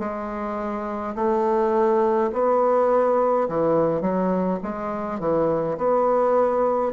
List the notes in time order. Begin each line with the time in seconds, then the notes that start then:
0.00 G#3
1.16 A3
2.33 B3
3.49 E3
4.01 F#3
4.63 G#3
5.20 E3
5.78 B3